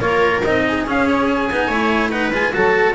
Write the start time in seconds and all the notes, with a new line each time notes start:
0.00 A#3 F4 A#4 C#5
0.44 C4 D#4 D#5
0.68 G#4
0.86 C#4 F5
1.09 C#5
1.27 G#5
1.51 B3 D#4
1.68 A3 E4 C#5
2.11 D#4 B4 F#5
2.32 G#3 F4 G#5
2.53 F#3 F#4 A4 A5